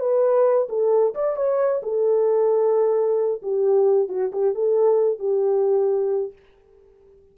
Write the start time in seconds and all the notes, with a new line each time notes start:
0.00 B4
0.69 A4
1.15 D5
1.36 C#5
1.83 A4
3.43 G4
4.09 F#4
4.33 G4
4.55 A4
5.19 G4